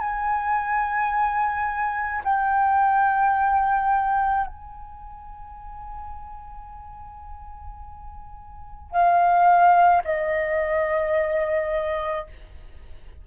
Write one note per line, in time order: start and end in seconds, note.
0.00 2.22 G#5
2.25 4.47 G5
4.47 8.91 G#5
8.91 10.03 F5
10.05 12.27 D#5